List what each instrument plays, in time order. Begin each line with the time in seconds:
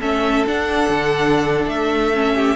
0.00 cello A3, viola C#4, violin A4 E5
0.46 viola D4, cello D4, violin F#5
0.90 cello D3
1.66 cello A3, violin E5
2.14 viola C#4
2.35 violin G4